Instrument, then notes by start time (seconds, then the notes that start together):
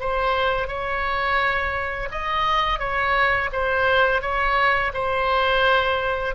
oboe
0.00 C5
0.68 C#5
2.11 D#5
2.79 C#5
3.53 C5
4.22 C#5
4.94 C5